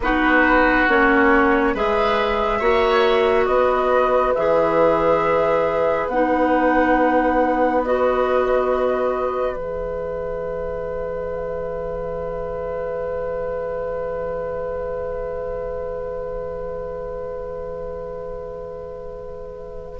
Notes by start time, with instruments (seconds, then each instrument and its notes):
0.00 bassoon B3, clarinet D#4, oboe F#4, flute B4
0.88 bassoon A#3, clarinet C#4, flute C#5
1.74 bassoon G#3, clarinet G#4, oboe B4, flute E5
2.59 bassoon A#3, clarinet F#4, oboe C#5
3.45 bassoon B3, oboe B4, flute D#5
4.34 bassoon E3, clarinet G#4, flute E5
6.07 bassoon B3, clarinet D#4, flute F#5
7.84 clarinet F#4, flute D#5
9.55 bassoon E3, clarinet G#4, flute E5